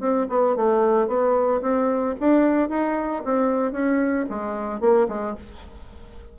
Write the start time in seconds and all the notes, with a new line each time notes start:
0.00 C4
0.29 B3
0.56 A3
1.08 B3
1.62 C4
2.20 D4
2.70 D#4
3.25 C4
3.72 C#4
4.30 G#3
4.81 A#3
5.08 G#3